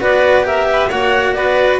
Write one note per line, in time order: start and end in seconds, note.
0.00 0.91 B3
0.00 0.44 F#4
0.00 0.45 B4
0.00 0.46 D5
0.44 0.89 G4
0.44 0.68 A#4
0.44 0.91 E5
0.73 0.89 B4
0.89 1.35 A#3
0.89 1.80 F#4
0.89 1.34 C#5
0.89 1.34 F#5
1.34 1.80 B3
1.34 1.80 B4
1.34 1.79 D5